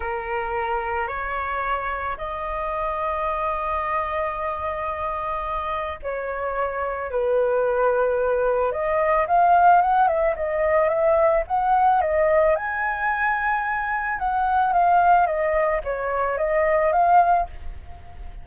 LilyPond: \new Staff \with { instrumentName = "flute" } { \time 4/4 \tempo 4 = 110 ais'2 cis''2 | dis''1~ | dis''2. cis''4~ | cis''4 b'2. |
dis''4 f''4 fis''8 e''8 dis''4 | e''4 fis''4 dis''4 gis''4~ | gis''2 fis''4 f''4 | dis''4 cis''4 dis''4 f''4 | }